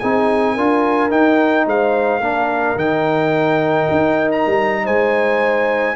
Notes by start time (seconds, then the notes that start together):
0.00 C4 D#4 G#4 G#5
0.55 D4 F4 A#4
1.11 D#4 G5
1.67 G#3 C5 F5
2.20 A#3 D4 A#4
2.76 D#3 D#4 G5
3.92 D#4
4.32 A#5
4.47 G3
4.85 G#3 C5 G#5